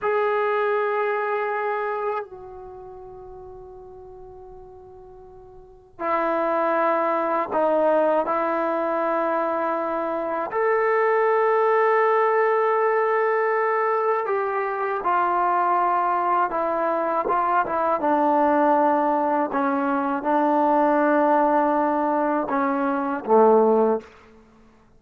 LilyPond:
\new Staff \with { instrumentName = "trombone" } { \time 4/4 \tempo 4 = 80 gis'2. fis'4~ | fis'1 | e'2 dis'4 e'4~ | e'2 a'2~ |
a'2. g'4 | f'2 e'4 f'8 e'8 | d'2 cis'4 d'4~ | d'2 cis'4 a4 | }